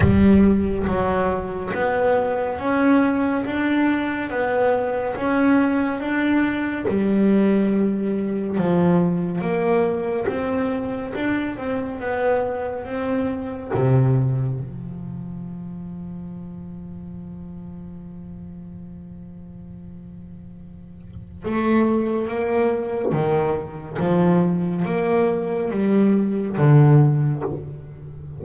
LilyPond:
\new Staff \with { instrumentName = "double bass" } { \time 4/4 \tempo 4 = 70 g4 fis4 b4 cis'4 | d'4 b4 cis'4 d'4 | g2 f4 ais4 | c'4 d'8 c'8 b4 c'4 |
c4 f2.~ | f1~ | f4 a4 ais4 dis4 | f4 ais4 g4 d4 | }